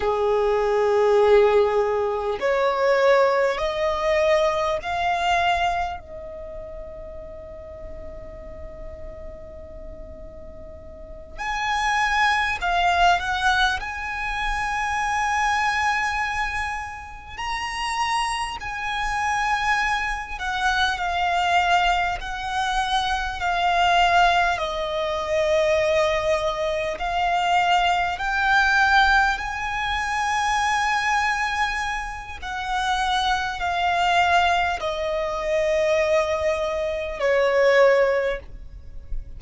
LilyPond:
\new Staff \with { instrumentName = "violin" } { \time 4/4 \tempo 4 = 50 gis'2 cis''4 dis''4 | f''4 dis''2.~ | dis''4. gis''4 f''8 fis''8 gis''8~ | gis''2~ gis''8 ais''4 gis''8~ |
gis''4 fis''8 f''4 fis''4 f''8~ | f''8 dis''2 f''4 g''8~ | g''8 gis''2~ gis''8 fis''4 | f''4 dis''2 cis''4 | }